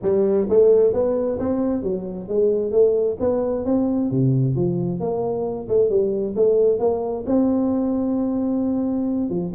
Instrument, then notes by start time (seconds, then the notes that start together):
tuba
0.02 G3
0.49 A3
0.93 B3
1.39 C4
1.82 F#3
2.28 G#3
2.71 A3
3.19 B3
3.65 C4
4.10 C3
4.55 F3
5.00 A#3
5.68 A3
5.89 G3
6.35 A3
6.79 A#3
7.26 C4
9.29 F3